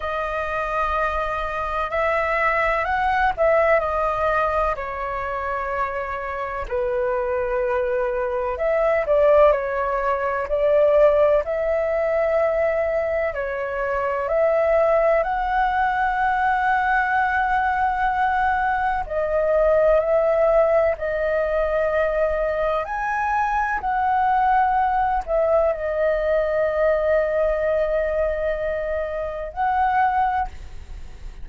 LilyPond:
\new Staff \with { instrumentName = "flute" } { \time 4/4 \tempo 4 = 63 dis''2 e''4 fis''8 e''8 | dis''4 cis''2 b'4~ | b'4 e''8 d''8 cis''4 d''4 | e''2 cis''4 e''4 |
fis''1 | dis''4 e''4 dis''2 | gis''4 fis''4. e''8 dis''4~ | dis''2. fis''4 | }